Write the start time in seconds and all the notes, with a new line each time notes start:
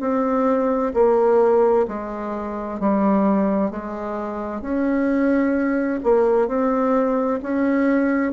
0.00 C4
0.94 A#3
1.88 G#3
2.80 G3
3.71 G#3
4.62 C#4
6.03 A#3
6.48 C4
7.43 C#4